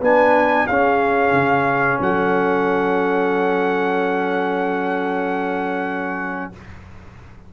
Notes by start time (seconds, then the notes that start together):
0.00 B3 D4 B4 G#5
0.67 C#4 G#4 F5
1.32 C#3
2.00 F#3 A4 F#5